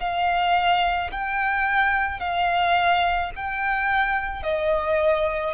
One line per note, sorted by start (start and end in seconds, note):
0.00 1.11 F5
1.12 2.20 G5
2.20 3.31 F5
3.36 4.43 G5
4.43 5.55 D#5